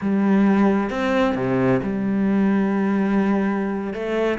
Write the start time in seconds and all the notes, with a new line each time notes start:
0.01 G3
0.90 C4
1.35 C3
1.83 G3
3.93 A3